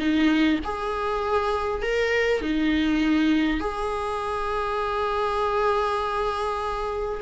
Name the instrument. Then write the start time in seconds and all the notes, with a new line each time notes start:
viola
0.00 D#4
0.65 G#4
1.83 A#4
2.42 D#4
3.61 G#4